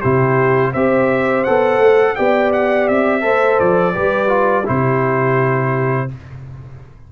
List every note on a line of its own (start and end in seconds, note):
0.00 0.75 C3
0.00 0.75 E4
0.00 0.71 G4
0.00 0.72 C5
0.72 1.46 C4
0.72 1.46 G4
0.72 2.15 C5
0.72 1.44 E5
1.44 1.79 B3
1.44 2.17 A4
1.44 2.15 F#5
1.79 2.14 A3
2.15 2.89 B3
2.15 3.21 G4
2.15 3.24 D5
2.15 2.51 G5
2.53 2.88 F#5
2.88 3.24 C4
2.88 3.60 E5
3.21 3.60 A3
3.21 3.93 A4
3.21 3.94 C5
3.60 3.96 F3
3.60 4.67 D5
3.94 4.68 G3
3.94 4.28 G4
3.94 4.65 B4
4.28 4.64 F4
4.65 6.12 C3
4.65 6.08 E4
4.65 6.08 G4
4.65 6.11 C5